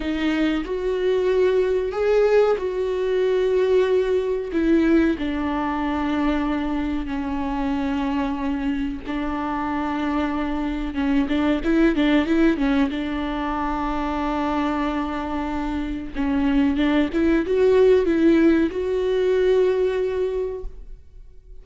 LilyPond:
\new Staff \with { instrumentName = "viola" } { \time 4/4 \tempo 4 = 93 dis'4 fis'2 gis'4 | fis'2. e'4 | d'2. cis'4~ | cis'2 d'2~ |
d'4 cis'8 d'8 e'8 d'8 e'8 cis'8 | d'1~ | d'4 cis'4 d'8 e'8 fis'4 | e'4 fis'2. | }